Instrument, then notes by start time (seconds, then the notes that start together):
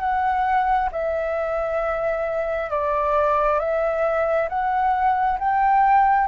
flute
0.00 F#5
0.92 E5
2.70 D5
3.59 E5
4.49 F#5
5.39 G5